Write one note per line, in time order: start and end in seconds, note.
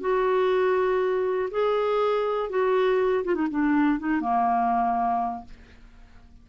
0.00 1.49 F#4
1.50 2.49 G#4
2.49 3.24 F#4
3.24 3.34 F4
3.34 3.47 D#4
3.50 3.99 D4
3.99 4.20 D#4
4.20 5.44 A#3